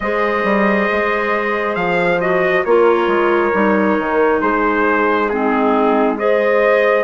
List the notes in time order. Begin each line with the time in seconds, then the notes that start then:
0.00 G#3 G#4 C5 D#5
0.43 G3
0.91 G#3
1.75 F3 F5
2.20 F#4 D#5
2.65 A#3 F4 A#4 C#5
3.06 G#3
3.53 G3 D#4
3.98 D#3
4.41 G#3 G#4 C5
5.29 C4 D#4 G#4
6.17 G#4 C5 D#5